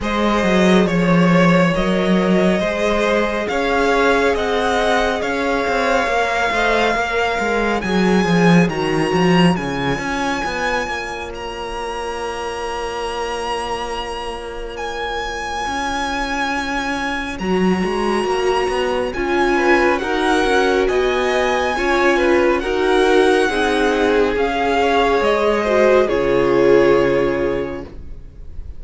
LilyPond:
<<
  \new Staff \with { instrumentName = "violin" } { \time 4/4 \tempo 4 = 69 dis''4 cis''4 dis''2 | f''4 fis''4 f''2~ | f''4 gis''4 ais''4 gis''4~ | gis''4 ais''2.~ |
ais''4 gis''2. | ais''2 gis''4 fis''4 | gis''2 fis''2 | f''4 dis''4 cis''2 | }
  \new Staff \with { instrumentName = "violin" } { \time 4/4 c''4 cis''2 c''4 | cis''4 dis''4 cis''4. dis''8 | cis''1~ | cis''1~ |
cis''1~ | cis''2~ cis''8 b'8 ais'4 | dis''4 cis''8 b'8 ais'4 gis'4~ | gis'8 cis''4 c''8 gis'2 | }
  \new Staff \with { instrumentName = "viola" } { \time 4/4 gis'2 ais'4 gis'4~ | gis'2. ais'8 c''8 | ais'4 gis'4 fis'4 f'4~ | f'1~ |
f'1 | fis'2 f'4 fis'4~ | fis'4 f'4 fis'4 dis'4 | gis'4. fis'8 f'2 | }
  \new Staff \with { instrumentName = "cello" } { \time 4/4 gis8 fis8 f4 fis4 gis4 | cis'4 c'4 cis'8 c'8 ais8 a8 | ais8 gis8 fis8 f8 dis8 f8 cis8 cis'8 | b8 ais2.~ ais8~ |
ais2 cis'2 | fis8 gis8 ais8 b8 cis'4 dis'8 cis'8 | b4 cis'4 dis'4 c'4 | cis'4 gis4 cis2 | }
>>